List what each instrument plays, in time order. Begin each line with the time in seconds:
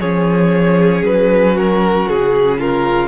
0.00 cello F3, viola C#4, violin G#4 C#5
1.02 cello F#3, violin B4
1.54 violin F#4 A#4
2.09 cello C#3, violin G#4
2.59 violin F4 A#4